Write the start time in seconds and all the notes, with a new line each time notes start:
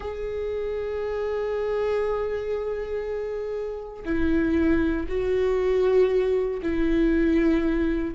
0.00 G#4
4.04 E4
5.08 F#4
6.62 E4